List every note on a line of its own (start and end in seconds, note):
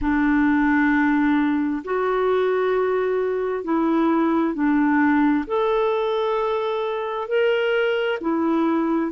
0.01 1.83 D4
1.84 3.64 F#4
3.64 4.54 E4
4.54 5.45 D4
5.47 7.28 A4
7.28 8.19 A#4
8.20 9.11 E4